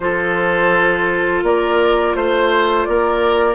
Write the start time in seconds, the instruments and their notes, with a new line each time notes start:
0.00 bassoon F3, clarinet F4, oboe A4, flute C5
1.42 bassoon A#3, oboe A#4, flute D5
2.15 bassoon A3, flute C5, oboe C5
2.84 bassoon A#3, oboe A#4, flute D5